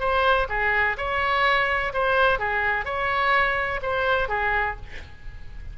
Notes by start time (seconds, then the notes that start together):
0.00 C5
0.49 G#4
0.98 C#5
1.94 C5
2.39 G#4
2.85 C#5
3.82 C5
4.29 G#4